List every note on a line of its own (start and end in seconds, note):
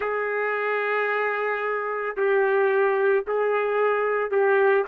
0.00 2.16 G#4
2.16 3.24 G4
3.27 4.30 G#4
4.30 4.84 G4